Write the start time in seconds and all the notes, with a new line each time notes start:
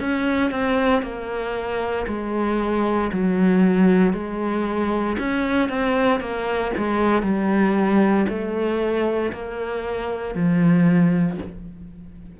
0.00 C#4
0.50 C4
1.02 A#3
2.07 G#3
3.12 F#3
4.13 G#3
5.18 C#4
5.69 C4
6.20 A#3
6.77 G#3
7.22 G3
8.28 A3
9.32 A#3
10.34 F3